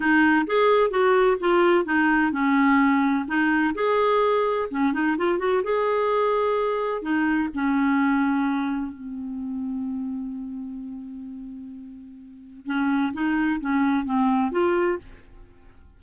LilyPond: \new Staff \with { instrumentName = "clarinet" } { \time 4/4 \tempo 4 = 128 dis'4 gis'4 fis'4 f'4 | dis'4 cis'2 dis'4 | gis'2 cis'8 dis'8 f'8 fis'8 | gis'2. dis'4 |
cis'2. c'4~ | c'1~ | c'2. cis'4 | dis'4 cis'4 c'4 f'4 | }